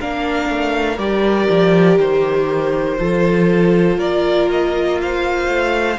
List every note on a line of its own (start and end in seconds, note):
0.00 0.49 A#3
0.00 0.98 D4
0.00 2.99 A#4
0.00 0.98 F5
0.49 0.98 A3
0.98 1.48 G3
0.98 2.97 G4
0.98 1.98 D5
1.50 1.98 F3
1.98 2.98 D#3
1.98 3.99 C5
2.97 3.98 F3
2.97 5.97 F4
2.97 3.98 A4
3.98 5.47 A#3
3.98 4.98 A#4
3.98 4.49 D5
4.51 5.01 D#5
5.01 5.99 C5
5.01 5.99 F5
5.48 5.98 A3